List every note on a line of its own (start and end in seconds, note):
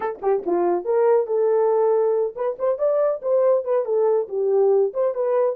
0.00 0.19 A4
0.22 0.43 G4
0.46 0.85 F4
0.85 1.26 A#4
1.26 2.34 A4
2.35 2.57 B4
2.58 2.78 C5
2.78 3.21 D5
3.21 3.64 C5
3.64 3.85 B4
3.85 4.28 A4
4.28 4.92 G4
4.93 5.14 C5
5.14 5.55 B4